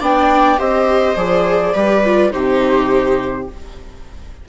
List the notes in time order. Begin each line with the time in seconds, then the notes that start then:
0.00 B3 D4 D5 G5
0.57 C4 G4 C5 D#5
1.16 F3 G#4 D5
1.73 G3 G4 B4
2.05 F4
2.31 C3 D#4 G4 C5